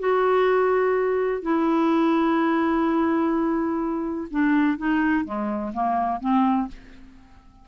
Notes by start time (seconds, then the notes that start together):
0.00 F#4
1.43 E4
4.31 D4
4.79 D#4
5.25 G#3
5.74 A#3
6.21 C4